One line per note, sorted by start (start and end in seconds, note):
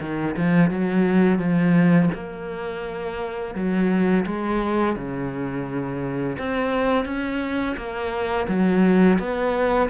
0.00 0.35 D#3
0.37 0.70 F3
0.70 1.39 F#3
1.39 2.09 F3
2.14 3.55 A#3
3.55 4.25 F#3
4.26 4.96 G#3
4.96 6.37 C#3
6.38 7.05 C4
7.05 7.76 C#4
7.76 8.47 A#3
8.48 9.18 F#3
9.19 9.90 B3